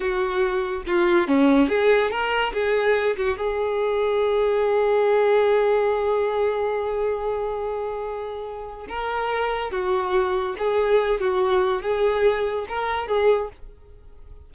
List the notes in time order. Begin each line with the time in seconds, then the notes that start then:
0.00 F#4
0.86 F4
1.27 C#4
1.68 G#4
2.10 A#4
2.53 G#4
3.16 F#4
3.37 G#4
8.88 A#4
9.71 F#4
10.58 G#4
11.20 F#4
11.82 G#4
12.68 A#4
13.07 G#4